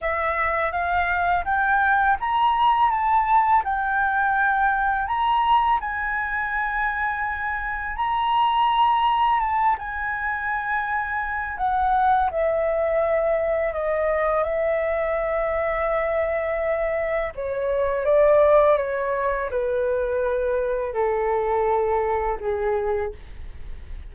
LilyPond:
\new Staff \with { instrumentName = "flute" } { \time 4/4 \tempo 4 = 83 e''4 f''4 g''4 ais''4 | a''4 g''2 ais''4 | gis''2. ais''4~ | ais''4 a''8 gis''2~ gis''8 |
fis''4 e''2 dis''4 | e''1 | cis''4 d''4 cis''4 b'4~ | b'4 a'2 gis'4 | }